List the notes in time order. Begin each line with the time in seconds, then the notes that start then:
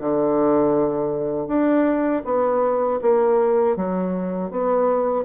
0.00 D3
1.47 D4
2.24 B3
3.01 A#3
3.76 F#3
4.51 B3